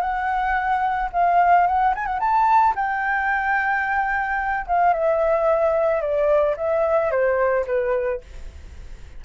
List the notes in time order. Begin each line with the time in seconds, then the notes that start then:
0.00 F#5
1.12 F5
1.67 F#5
1.95 G#5
2.06 F#5
2.19 A5
2.75 G5
4.66 F5
4.93 E5
6.01 D5
6.56 E5
7.11 C5
7.66 B4